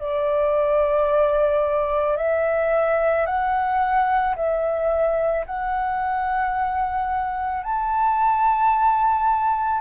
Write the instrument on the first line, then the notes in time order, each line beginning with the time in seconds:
flute
0.00 D5
2.17 E5
3.26 F#5
4.36 E5
5.46 F#5
7.64 A5